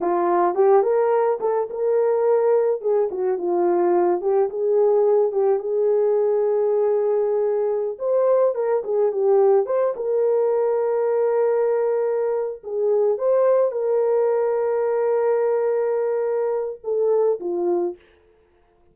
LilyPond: \new Staff \with { instrumentName = "horn" } { \time 4/4 \tempo 4 = 107 f'4 g'8 ais'4 a'8 ais'4~ | ais'4 gis'8 fis'8 f'4. g'8 | gis'4. g'8 gis'2~ | gis'2~ gis'16 c''4 ais'8 gis'16~ |
gis'16 g'4 c''8 ais'2~ ais'16~ | ais'2~ ais'8 gis'4 c''8~ | c''8 ais'2.~ ais'8~ | ais'2 a'4 f'4 | }